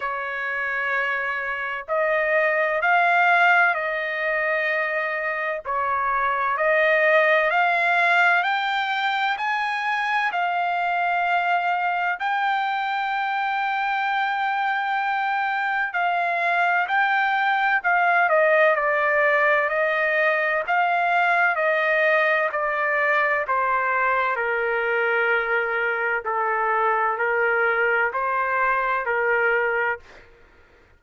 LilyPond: \new Staff \with { instrumentName = "trumpet" } { \time 4/4 \tempo 4 = 64 cis''2 dis''4 f''4 | dis''2 cis''4 dis''4 | f''4 g''4 gis''4 f''4~ | f''4 g''2.~ |
g''4 f''4 g''4 f''8 dis''8 | d''4 dis''4 f''4 dis''4 | d''4 c''4 ais'2 | a'4 ais'4 c''4 ais'4 | }